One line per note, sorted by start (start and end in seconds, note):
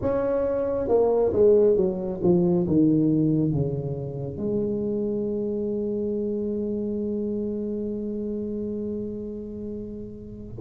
0.01 0.88 C#4
0.88 1.32 A#3
1.32 1.76 G#3
1.76 2.20 F#3
2.22 2.66 F3
2.67 3.51 D#3
3.51 4.37 C#3
4.37 10.54 G#3